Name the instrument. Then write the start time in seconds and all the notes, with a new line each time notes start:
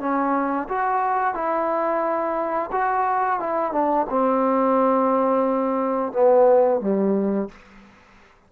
trombone
0.00 C#4
0.69 F#4
1.35 E4
2.72 F#4
3.40 E4
3.73 D4
4.10 C4
6.13 B3
6.81 G3